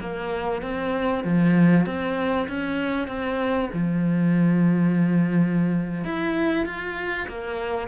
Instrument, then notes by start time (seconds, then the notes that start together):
cello
0.00 A#3
0.62 C4
1.23 F3
1.85 C4
2.47 C#4
3.07 C4
3.73 F3
6.04 E4
6.65 F4
7.28 A#3